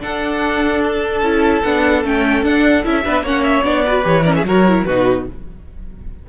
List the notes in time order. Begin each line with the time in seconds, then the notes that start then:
0.00 D4 A4 F#5
0.83 A5
1.21 C#4 E4
1.62 B3 D4 F#5
2.03 A3 C#4 G5
2.42 D4 F#5
2.83 C#4 E4 E5
3.04 B3 D4 B4
3.22 A#3 C#4 C#5 F#5
3.43 E5
3.64 B3 D4 D5
3.85 F#4 B4
4.02 E3 G4 C#5
4.23 C#4 A#4 D5
4.34 G#4 E5
4.42 F#3 F#4 A#4 C#5
4.67 E4
4.84 B2 D#4 F#4 B4